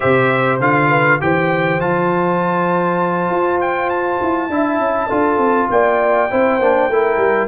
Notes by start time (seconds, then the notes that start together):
0.00 C3 G4 C5 E5
0.60 D3 F4 F5
0.89 B4
1.20 E3 G4 C5 G5
1.80 F3 F4 A5
3.29 F4
3.60 G5
3.89 A5
4.21 E4
4.49 D4 E4 E5
4.79 C#4
5.07 D4 F4 A4
5.37 C4
5.69 A#3 D5 G5
6.30 C4 E4 C5
6.59 A#3 D4
6.88 A3 E4 A#4
7.17 G3